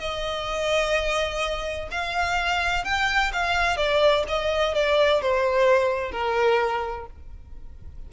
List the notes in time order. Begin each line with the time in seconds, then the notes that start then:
0.00 D#5
1.91 F5
2.85 G5
3.33 F5
3.77 D5
4.28 D#5
4.74 D5
5.22 C5
6.12 A#4